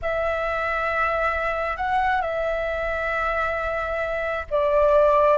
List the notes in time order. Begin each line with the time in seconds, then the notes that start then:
0.02 E5
1.77 F#5
2.21 E5
4.50 D5